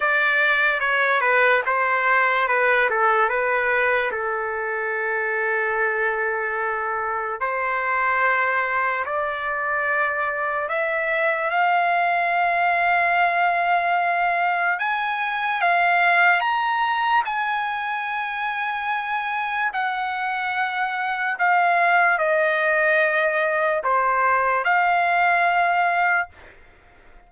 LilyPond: \new Staff \with { instrumentName = "trumpet" } { \time 4/4 \tempo 4 = 73 d''4 cis''8 b'8 c''4 b'8 a'8 | b'4 a'2.~ | a'4 c''2 d''4~ | d''4 e''4 f''2~ |
f''2 gis''4 f''4 | ais''4 gis''2. | fis''2 f''4 dis''4~ | dis''4 c''4 f''2 | }